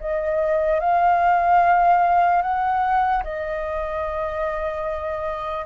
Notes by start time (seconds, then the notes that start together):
0.00 D#5
0.80 F5
2.42 F#5
3.23 D#5